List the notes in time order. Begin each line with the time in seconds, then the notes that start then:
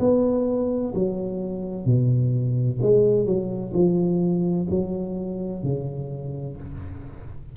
0.00 B3
0.95 F#3
1.86 B2
2.82 G#3
3.26 F#3
3.74 F3
4.70 F#3
5.63 C#3